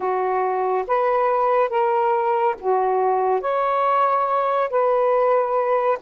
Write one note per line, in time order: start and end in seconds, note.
0.00 0.85 F#4
0.86 1.69 B4
1.69 2.55 A#4
2.59 3.41 F#4
3.41 4.69 C#5
4.69 5.98 B4